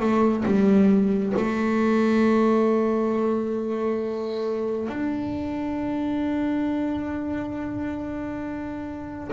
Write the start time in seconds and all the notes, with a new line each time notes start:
0.00 A3
0.46 G3
1.37 A3
4.89 D4